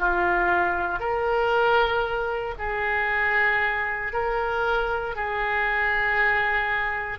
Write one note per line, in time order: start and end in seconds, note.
0.00 1.00 F4
1.00 2.55 A#4
2.59 4.13 G#4
4.13 5.16 A#4
5.16 7.19 G#4